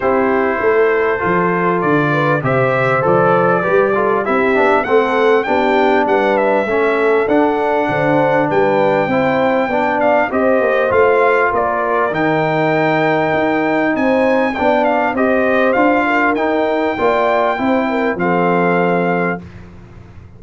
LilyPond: <<
  \new Staff \with { instrumentName = "trumpet" } { \time 4/4 \tempo 4 = 99 c''2. d''4 | e''4 d''2 e''4 | fis''4 g''4 fis''8 e''4. | fis''2 g''2~ |
g''8 f''8 dis''4 f''4 d''4 | g''2. gis''4 | g''8 f''8 dis''4 f''4 g''4~ | g''2 f''2 | }
  \new Staff \with { instrumentName = "horn" } { \time 4/4 g'4 a'2~ a'8 b'8 | c''2 b'8 a'8 g'4 | a'4 g'4 b'4 a'4~ | a'4 c''4 b'4 c''4 |
d''4 c''2 ais'4~ | ais'2. c''4 | d''4 c''4. ais'4. | d''4 c''8 ais'8 a'2 | }
  \new Staff \with { instrumentName = "trombone" } { \time 4/4 e'2 f'2 | g'4 a'4 g'8 f'8 e'8 d'8 | c'4 d'2 cis'4 | d'2. e'4 |
d'4 g'4 f'2 | dis'1 | d'4 g'4 f'4 dis'4 | f'4 e'4 c'2 | }
  \new Staff \with { instrumentName = "tuba" } { \time 4/4 c'4 a4 f4 d4 | c4 f4 g4 c'8 b8 | a4 b4 g4 a4 | d'4 d4 g4 c'4 |
b4 c'8 ais8 a4 ais4 | dis2 dis'4 c'4 | b4 c'4 d'4 dis'4 | ais4 c'4 f2 | }
>>